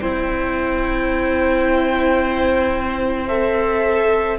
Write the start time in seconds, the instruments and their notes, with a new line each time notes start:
0.00 cello C4, viola E4, violin C5 G5
3.27 viola A4, violin E5